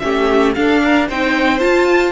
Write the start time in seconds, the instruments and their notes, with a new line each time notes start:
0.00 cello A3, viola C#4, violin G4 E5
0.55 viola D4, cello D4, violin A4 F5
0.85 violin A#4
1.08 cello C4, viola D#4, violin C5 G5
1.60 viola F4, cello F4, violin A5